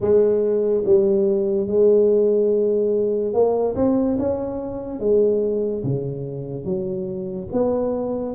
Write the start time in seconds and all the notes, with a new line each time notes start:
0.00 G#3
0.85 G3
1.67 G#3
3.33 A#3
3.75 C4
4.18 C#4
4.99 G#3
5.83 C#3
6.64 F#3
7.52 B3